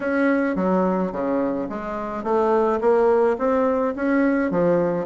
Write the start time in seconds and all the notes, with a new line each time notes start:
0.00 C#4
0.55 F#3
1.11 C#3
1.69 G#3
2.23 A3
2.80 A#3
3.38 C4
3.95 C#4
4.51 F3